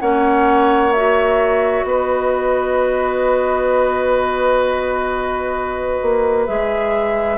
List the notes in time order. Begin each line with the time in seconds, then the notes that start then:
0.00 A#3 C#4 C#5 F#5
0.92 F#4 E5
1.84 B3 B4 D#5
6.02 A#3
6.46 G#3 G#4 E5